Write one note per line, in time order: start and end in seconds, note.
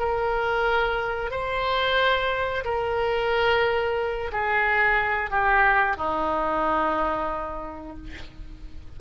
0.00 1.31 A#4
1.31 2.65 C5
2.65 4.32 A#4
4.32 5.31 G#4
5.31 5.97 G4
5.97 7.97 D#4